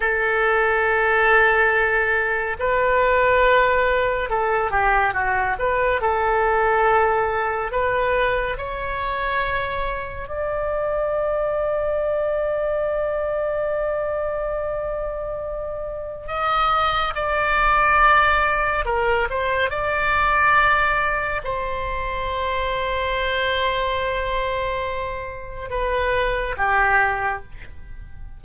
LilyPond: \new Staff \with { instrumentName = "oboe" } { \time 4/4 \tempo 4 = 70 a'2. b'4~ | b'4 a'8 g'8 fis'8 b'8 a'4~ | a'4 b'4 cis''2 | d''1~ |
d''2. dis''4 | d''2 ais'8 c''8 d''4~ | d''4 c''2.~ | c''2 b'4 g'4 | }